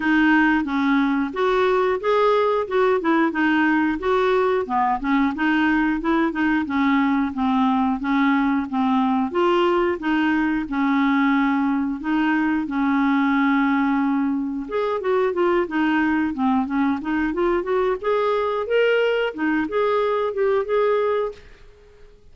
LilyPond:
\new Staff \with { instrumentName = "clarinet" } { \time 4/4 \tempo 4 = 90 dis'4 cis'4 fis'4 gis'4 | fis'8 e'8 dis'4 fis'4 b8 cis'8 | dis'4 e'8 dis'8 cis'4 c'4 | cis'4 c'4 f'4 dis'4 |
cis'2 dis'4 cis'4~ | cis'2 gis'8 fis'8 f'8 dis'8~ | dis'8 c'8 cis'8 dis'8 f'8 fis'8 gis'4 | ais'4 dis'8 gis'4 g'8 gis'4 | }